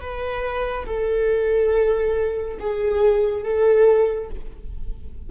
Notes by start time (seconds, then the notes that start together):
0.00 B4
0.86 A4
2.59 G#4
3.44 A4